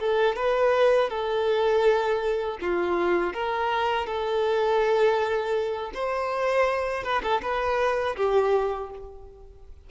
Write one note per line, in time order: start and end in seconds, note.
0.00 0.36 A4
0.36 1.09 B4
1.09 2.58 A4
2.61 3.33 F4
3.33 4.06 A#4
4.06 5.92 A4
5.94 7.03 C5
7.03 7.22 B4
7.23 7.41 A4
7.42 8.16 B4
8.16 8.90 G4